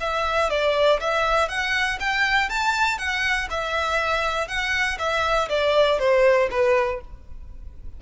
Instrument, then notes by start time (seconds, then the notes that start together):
violin
0.00 E5
0.50 D5
1.00 E5
1.48 F#5
2.00 G5
2.49 A5
2.98 F#5
3.50 E5
4.48 F#5
4.98 E5
5.49 D5
5.99 C5
6.50 B4